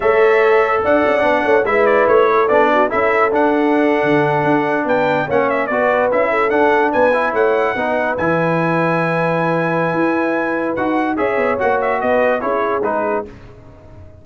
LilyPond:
<<
  \new Staff \with { instrumentName = "trumpet" } { \time 4/4 \tempo 4 = 145 e''2 fis''2 | e''8 d''8 cis''4 d''4 e''4 | fis''2.~ fis''8. g''16~ | g''8. fis''8 e''8 d''4 e''4 fis''16~ |
fis''8. gis''4 fis''2 gis''16~ | gis''1~ | gis''2 fis''4 e''4 | fis''8 e''8 dis''4 cis''4 b'4 | }
  \new Staff \with { instrumentName = "horn" } { \time 4/4 cis''2 d''4. cis''8 | b'4. a'4 fis'8 a'4~ | a'2.~ a'8. b'16~ | b'8. cis''4 b'4. a'8.~ |
a'8. b'4 cis''4 b'4~ b'16~ | b'1~ | b'2. cis''4~ | cis''4 b'4 gis'2 | }
  \new Staff \with { instrumentName = "trombone" } { \time 4/4 a'2. d'4 | e'2 d'4 e'4 | d'1~ | d'8. cis'4 fis'4 e'4 d'16~ |
d'4~ d'16 e'4. dis'4 e'16~ | e'1~ | e'2 fis'4 gis'4 | fis'2 e'4 dis'4 | }
  \new Staff \with { instrumentName = "tuba" } { \time 4/4 a2 d'8 cis'8 b8 a8 | gis4 a4 b4 cis'4 | d'4.~ d'16 d4 d'4 b16~ | b8. ais4 b4 cis'4 d'16~ |
d'8. b4 a4 b4 e16~ | e1 | e'2 dis'4 cis'8 b8 | ais4 b4 cis'4 gis4 | }
>>